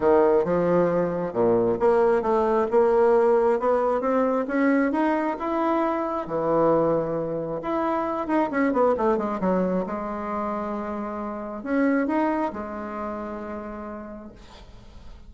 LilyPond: \new Staff \with { instrumentName = "bassoon" } { \time 4/4 \tempo 4 = 134 dis4 f2 ais,4 | ais4 a4 ais2 | b4 c'4 cis'4 dis'4 | e'2 e2~ |
e4 e'4. dis'8 cis'8 b8 | a8 gis8 fis4 gis2~ | gis2 cis'4 dis'4 | gis1 | }